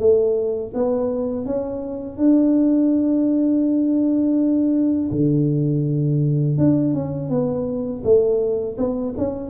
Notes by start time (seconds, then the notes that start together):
0.00 A3
0.75 B3
1.46 C#4
2.18 D4
5.12 D3
6.58 D4
6.94 C#4
7.30 B3
8.04 A3
8.78 B3
9.18 C#4